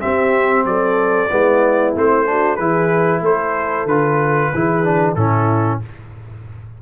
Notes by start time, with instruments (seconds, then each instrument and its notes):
0.00 trombone C4, tuba C4, horn G4, trumpet E5
0.64 tuba F#3, horn A4, trumpet D5
1.30 tuba G#3, trombone B3, horn E4
1.95 tuba A3, trombone C4, trumpet C5
2.25 trombone D4, horn F#4
2.56 tuba E3, trombone E4, horn G#4, trumpet B4
3.21 tuba A3, horn A4, trumpet C5
3.85 tuba D3, trombone F4, trumpet B4
4.53 tuba E3, trombone E4, horn G#4
4.84 trombone D4
5.15 tuba A2, trombone C#4, horn E4, trumpet A4